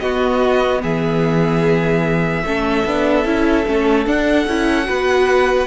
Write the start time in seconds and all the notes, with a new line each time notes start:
0.00 B3 F#4 D#5
0.82 E3 G#4 E5
2.44 A3 C#4 A4
2.85 B3 D4
3.25 C#4 E4
3.66 A3 C#4
4.06 D4 F#5
4.47 C#4 E4
4.85 B3 F#4 B4